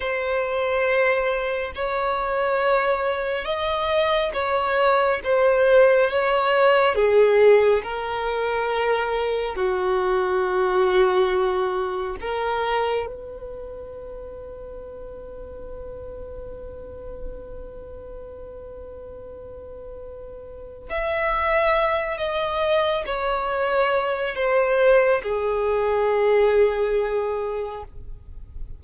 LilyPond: \new Staff \with { instrumentName = "violin" } { \time 4/4 \tempo 4 = 69 c''2 cis''2 | dis''4 cis''4 c''4 cis''4 | gis'4 ais'2 fis'4~ | fis'2 ais'4 b'4~ |
b'1~ | b'1 | e''4. dis''4 cis''4. | c''4 gis'2. | }